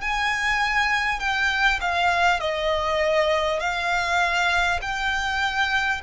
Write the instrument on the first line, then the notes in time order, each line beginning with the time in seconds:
violin
0.00 G#5
1.19 G5
1.80 F5
2.39 D#5
3.59 F5
4.81 G5